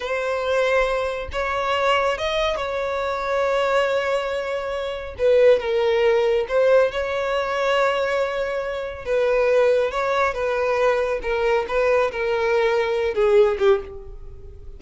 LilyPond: \new Staff \with { instrumentName = "violin" } { \time 4/4 \tempo 4 = 139 c''2. cis''4~ | cis''4 dis''4 cis''2~ | cis''1 | b'4 ais'2 c''4 |
cis''1~ | cis''4 b'2 cis''4 | b'2 ais'4 b'4 | ais'2~ ais'8 gis'4 g'8 | }